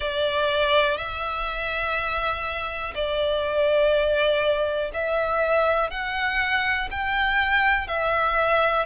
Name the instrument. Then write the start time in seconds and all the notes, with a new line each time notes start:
violin
0.00 D5
0.97 E5
2.94 D5
4.93 E5
5.90 F#5
6.91 G5
7.87 E5